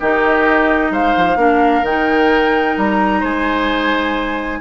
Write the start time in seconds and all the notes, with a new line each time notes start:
0.00 D#3 D#4 G4 D#5
0.90 G#3 C5 F5
1.17 F3
1.36 A#3 D4 A#4
1.82 D#3 D#4 G5
2.77 G3 A#5
3.20 G#3 C5 G#5